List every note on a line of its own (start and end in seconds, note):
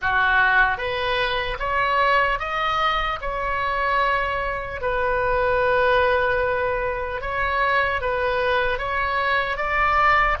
0.01 0.77 F#4
0.77 1.57 B4
1.59 2.39 C#5
2.39 3.19 D#5
3.21 4.81 C#5
4.81 7.21 B4
7.21 8.01 C#5
8.01 8.78 B4
8.78 9.56 C#5
9.56 10.36 D5